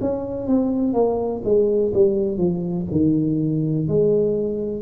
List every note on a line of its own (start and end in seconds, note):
0.00 0.47 C#4
0.47 0.93 C4
0.93 1.41 A#3
1.44 1.92 G#3
1.94 2.37 G3
2.37 2.85 F3
2.91 3.88 D#3
3.88 4.82 G#3